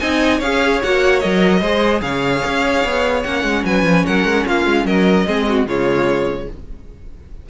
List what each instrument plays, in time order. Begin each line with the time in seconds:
0.00 cello C4, viola D#4, violin D#5 G#5
0.39 cello C#4, viola G#4, violin C#5 F5
0.83 cello A#3, viola F#4, violin F#5
1.20 cello F#3, viola A#4, violin D#5
1.61 cello G#3, viola G#4, violin C5
2.02 cello C#3, violin C#5 F5
2.45 cello C#4
2.85 cello B3
3.24 cello A#3, viola C#4, violin F#5
3.44 cello G#3
3.65 cello F#3, violin B4 G#5
3.84 cello F3
4.06 cello F#3, violin A#4 F#5
4.25 cello G#3
4.47 cello A#3, violin F4 F5
4.66 cello G#3
4.86 cello F#3, violin A#4 D#5
5.27 cello G#3, viola C4, violin G#4
5.49 violin F#4
5.67 cello C#3, viola G#3, violin F4 C#5